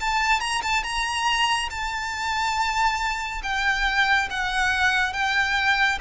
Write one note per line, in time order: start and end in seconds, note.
0.00 0.40 A5
0.40 0.61 A#5
0.62 0.83 A5
0.83 1.69 A#5
1.70 3.41 A5
3.43 4.29 G5
4.30 5.13 F#5
5.13 5.98 G5